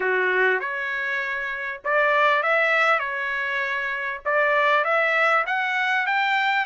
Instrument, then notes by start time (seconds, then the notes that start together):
trumpet
0.00 F#4
0.60 C#5
1.84 D5
2.42 E5
2.99 C#5
4.25 D5
4.84 E5
5.46 F#5
6.06 G5